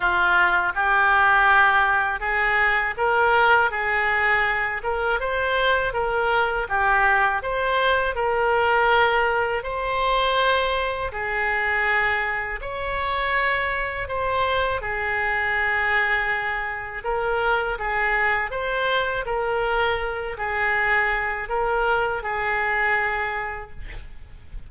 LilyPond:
\new Staff \with { instrumentName = "oboe" } { \time 4/4 \tempo 4 = 81 f'4 g'2 gis'4 | ais'4 gis'4. ais'8 c''4 | ais'4 g'4 c''4 ais'4~ | ais'4 c''2 gis'4~ |
gis'4 cis''2 c''4 | gis'2. ais'4 | gis'4 c''4 ais'4. gis'8~ | gis'4 ais'4 gis'2 | }